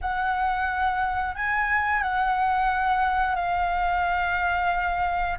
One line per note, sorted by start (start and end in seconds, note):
0.01 1.35 F#5
1.35 2.02 G#5
2.02 3.35 F#5
3.35 5.37 F5